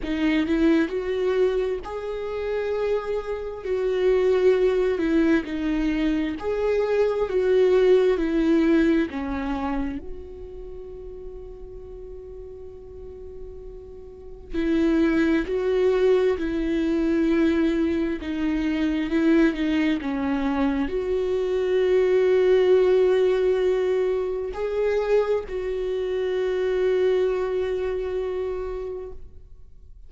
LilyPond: \new Staff \with { instrumentName = "viola" } { \time 4/4 \tempo 4 = 66 dis'8 e'8 fis'4 gis'2 | fis'4. e'8 dis'4 gis'4 | fis'4 e'4 cis'4 fis'4~ | fis'1 |
e'4 fis'4 e'2 | dis'4 e'8 dis'8 cis'4 fis'4~ | fis'2. gis'4 | fis'1 | }